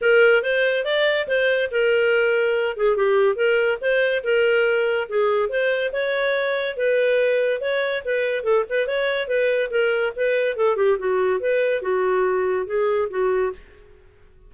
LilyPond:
\new Staff \with { instrumentName = "clarinet" } { \time 4/4 \tempo 4 = 142 ais'4 c''4 d''4 c''4 | ais'2~ ais'8 gis'8 g'4 | ais'4 c''4 ais'2 | gis'4 c''4 cis''2 |
b'2 cis''4 b'4 | a'8 b'8 cis''4 b'4 ais'4 | b'4 a'8 g'8 fis'4 b'4 | fis'2 gis'4 fis'4 | }